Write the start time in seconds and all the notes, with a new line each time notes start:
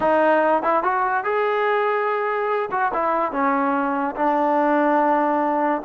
0.00 D#4
0.62 E4
0.83 F#4
1.23 G#4
2.71 F#4
2.93 E4
3.31 C#4
4.15 D4